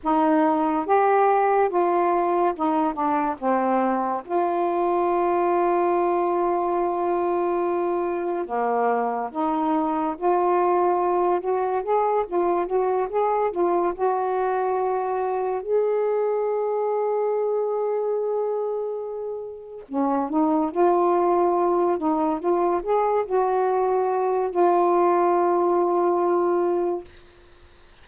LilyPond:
\new Staff \with { instrumentName = "saxophone" } { \time 4/4 \tempo 4 = 71 dis'4 g'4 f'4 dis'8 d'8 | c'4 f'2.~ | f'2 ais4 dis'4 | f'4. fis'8 gis'8 f'8 fis'8 gis'8 |
f'8 fis'2 gis'4.~ | gis'2.~ gis'8 cis'8 | dis'8 f'4. dis'8 f'8 gis'8 fis'8~ | fis'4 f'2. | }